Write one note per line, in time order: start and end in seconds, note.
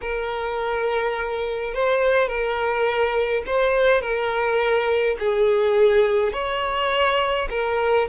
0.01 1.73 A#4
1.73 2.28 C5
2.28 3.43 A#4
3.46 4.01 C5
4.01 5.16 A#4
5.19 6.33 G#4
6.33 7.48 C#5
7.50 8.07 A#4